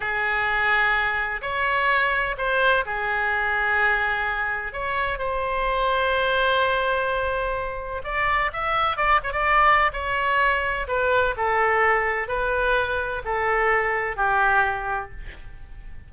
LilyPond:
\new Staff \with { instrumentName = "oboe" } { \time 4/4 \tempo 4 = 127 gis'2. cis''4~ | cis''4 c''4 gis'2~ | gis'2 cis''4 c''4~ | c''1~ |
c''4 d''4 e''4 d''8 cis''16 d''16~ | d''4 cis''2 b'4 | a'2 b'2 | a'2 g'2 | }